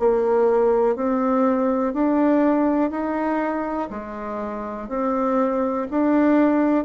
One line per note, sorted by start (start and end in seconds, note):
0.00 0.96 A#3
0.96 1.94 C4
1.94 2.91 D4
2.91 3.89 D#4
3.91 4.89 G#3
4.89 5.87 C4
5.91 6.85 D4